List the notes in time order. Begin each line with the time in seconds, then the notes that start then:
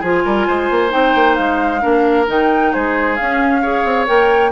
0.00 F3 F4 G#4 G#5
0.25 G3 A#4
0.47 G#3 C5
0.70 A#3
0.89 C4 D#4 G5
1.15 A#3
1.35 G#3 F5
1.81 A#3 D4 A#4
2.27 D#3 D#4 G5
2.73 G#3 G#4 C5
3.16 C#4 F5
3.62 G#4 C#5
3.84 C4
4.06 A#3 A#4 G5